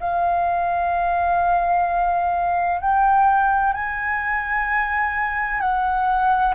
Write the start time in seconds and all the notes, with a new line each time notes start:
0.00 F5
2.81 G5
3.73 G#5
5.60 F#5